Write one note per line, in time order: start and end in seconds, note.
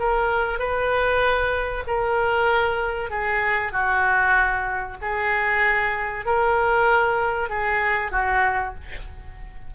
0.00 0.59 A#4
0.59 1.84 B4
1.88 3.11 A#4
3.11 3.72 G#4
3.72 4.97 F#4
5.02 6.26 G#4
6.26 7.50 A#4
7.50 8.12 G#4
8.12 8.74 F#4